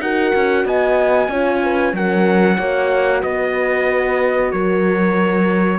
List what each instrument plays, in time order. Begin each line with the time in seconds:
0.00 cello D#4, horn F#4 A#4, trumpet F#5
0.36 cello C#4
0.65 cello B3, horn D#5, trumpet G#5
1.29 cello C#4, horn F4 C#5
1.64 horn B4
1.94 cello F#3, horn C#4 A#4, trumpet F#5
2.57 cello A#3, horn F#4 C#5
3.23 cello B3, horn B4, trumpet D#5
4.52 cello F#3, horn A#4, trumpet C#5